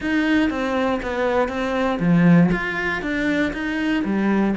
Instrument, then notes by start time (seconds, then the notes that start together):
cello
0.00 D#4
0.50 C4
1.02 B3
1.48 C4
1.99 F3
2.51 F4
3.01 D4
3.53 D#4
4.04 G3